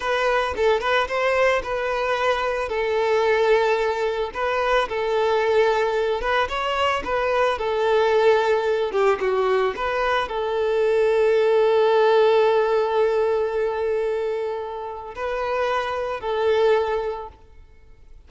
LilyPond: \new Staff \with { instrumentName = "violin" } { \time 4/4 \tempo 4 = 111 b'4 a'8 b'8 c''4 b'4~ | b'4 a'2. | b'4 a'2~ a'8 b'8 | cis''4 b'4 a'2~ |
a'8 g'8 fis'4 b'4 a'4~ | a'1~ | a'1 | b'2 a'2 | }